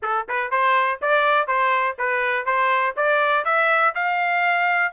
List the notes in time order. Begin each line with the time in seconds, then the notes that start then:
0.02 A4
0.28 B4
0.50 C5
1.01 D5
1.47 C5
1.98 B4
2.45 C5
2.96 D5
3.44 E5
3.94 F5